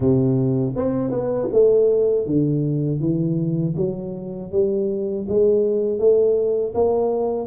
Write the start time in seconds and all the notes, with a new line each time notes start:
0.00 C3
0.75 C4
1.10 B3
1.52 A3
2.26 D3
3.00 E3
3.76 F#3
4.51 G3
5.28 G#3
5.98 A3
6.74 A#3